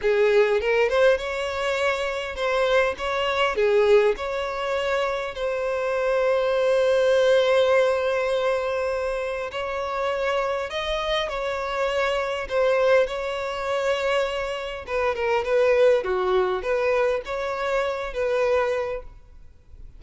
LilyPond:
\new Staff \with { instrumentName = "violin" } { \time 4/4 \tempo 4 = 101 gis'4 ais'8 c''8 cis''2 | c''4 cis''4 gis'4 cis''4~ | cis''4 c''2.~ | c''1 |
cis''2 dis''4 cis''4~ | cis''4 c''4 cis''2~ | cis''4 b'8 ais'8 b'4 fis'4 | b'4 cis''4. b'4. | }